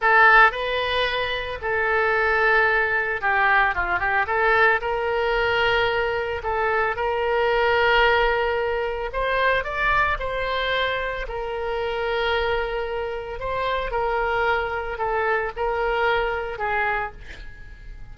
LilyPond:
\new Staff \with { instrumentName = "oboe" } { \time 4/4 \tempo 4 = 112 a'4 b'2 a'4~ | a'2 g'4 f'8 g'8 | a'4 ais'2. | a'4 ais'2.~ |
ais'4 c''4 d''4 c''4~ | c''4 ais'2.~ | ais'4 c''4 ais'2 | a'4 ais'2 gis'4 | }